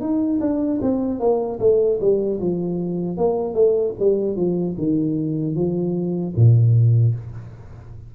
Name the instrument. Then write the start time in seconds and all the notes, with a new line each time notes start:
tuba
0.00 D#4
0.41 D4
0.81 C4
1.20 A#3
1.60 A3
2.00 G3
2.40 F3
3.17 A#3
3.54 A3
3.99 G3
4.36 F3
4.78 D#3
5.55 F3
6.36 A#2